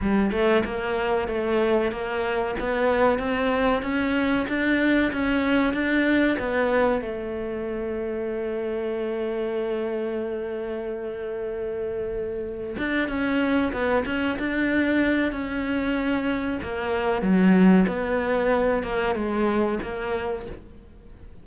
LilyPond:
\new Staff \with { instrumentName = "cello" } { \time 4/4 \tempo 4 = 94 g8 a8 ais4 a4 ais4 | b4 c'4 cis'4 d'4 | cis'4 d'4 b4 a4~ | a1~ |
a1 | d'8 cis'4 b8 cis'8 d'4. | cis'2 ais4 fis4 | b4. ais8 gis4 ais4 | }